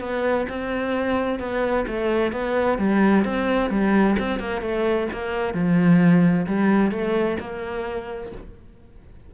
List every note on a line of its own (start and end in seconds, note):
0.00 0.46 B3
0.49 1.39 C4
1.39 1.85 B3
1.87 2.32 A3
2.32 2.78 B3
2.78 3.24 G3
3.24 3.70 C4
3.70 4.16 G3
4.19 4.39 C4
4.39 4.61 A#3
4.61 5.07 A3
5.12 5.53 A#3
5.53 6.46 F3
6.46 6.91 G3
6.91 7.37 A3
7.40 8.32 A#3